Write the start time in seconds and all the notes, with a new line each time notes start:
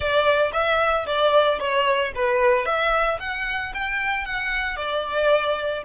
0.00 D5
0.52 E5
1.06 D5
1.59 C#5
2.15 B4
2.65 E5
3.19 F#5
3.74 G5
4.25 F#5
4.76 D5